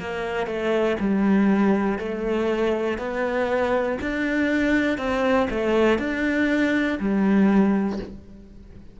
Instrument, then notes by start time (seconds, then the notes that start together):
cello
0.00 A#3
0.47 A3
1.00 G3
1.99 A3
2.99 B3
4.01 D4
4.98 C4
5.50 A3
5.99 D4
7.00 G3